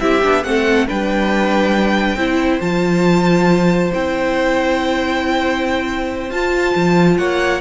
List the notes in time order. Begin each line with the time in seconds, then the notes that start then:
0.00 C4 E4 G4 E5
0.23 B3 D4
0.44 A3 C4 A4 F#5
0.87 G3 D4 B4 G5
2.15 C4 E4 C5
2.61 F3 F4 A5
3.94 C4 E4 G5
6.31 F4 A5
6.76 F3
7.18 A#3 C#5 F#5